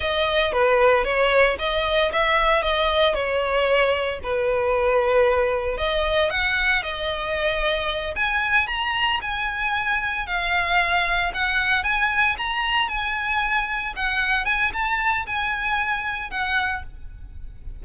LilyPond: \new Staff \with { instrumentName = "violin" } { \time 4/4 \tempo 4 = 114 dis''4 b'4 cis''4 dis''4 | e''4 dis''4 cis''2 | b'2. dis''4 | fis''4 dis''2~ dis''8 gis''8~ |
gis''8 ais''4 gis''2 f''8~ | f''4. fis''4 gis''4 ais''8~ | ais''8 gis''2 fis''4 gis''8 | a''4 gis''2 fis''4 | }